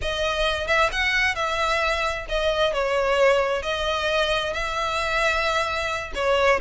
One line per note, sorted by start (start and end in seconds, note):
0.01 0.67 D#5
0.67 0.90 E5
0.92 1.35 F#5
1.35 2.26 E5
2.28 2.73 D#5
2.73 3.62 C#5
3.62 4.53 D#5
4.53 6.12 E5
6.14 6.60 C#5